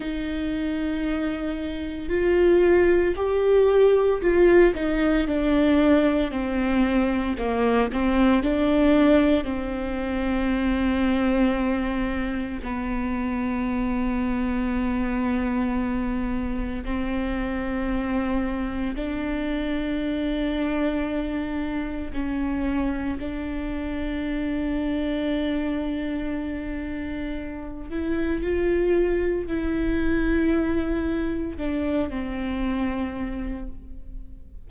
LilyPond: \new Staff \with { instrumentName = "viola" } { \time 4/4 \tempo 4 = 57 dis'2 f'4 g'4 | f'8 dis'8 d'4 c'4 ais8 c'8 | d'4 c'2. | b1 |
c'2 d'2~ | d'4 cis'4 d'2~ | d'2~ d'8 e'8 f'4 | e'2 d'8 c'4. | }